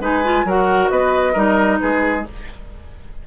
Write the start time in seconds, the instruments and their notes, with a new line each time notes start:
0.00 bassoon G#3, clarinet D#4, oboe B4, flute G#5
0.24 clarinet F4
0.45 bassoon F#3, clarinet F#4, oboe A#4, flute F#5
0.90 bassoon B3, oboe B4, flute D#5
1.33 bassoon G3, clarinet D#4, oboe A#4
1.80 bassoon G#3, oboe G#4, flute B4